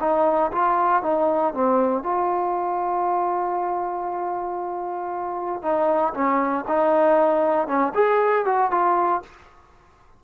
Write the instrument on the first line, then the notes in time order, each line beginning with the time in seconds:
trombone
0.00 D#4
0.52 F4
1.03 D#4
1.54 C4
2.03 F4
5.62 D#4
6.14 C#4
6.68 D#4
7.67 C#4
7.94 G#4
8.45 F#4
8.71 F4